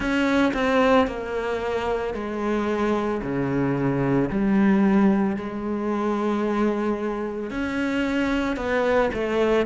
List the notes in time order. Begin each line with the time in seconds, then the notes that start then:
0.00 C#4
0.54 C4
1.07 A#3
2.14 G#3
3.22 C#3
4.30 G3
5.36 G#3
7.50 C#4
8.56 B3
9.13 A3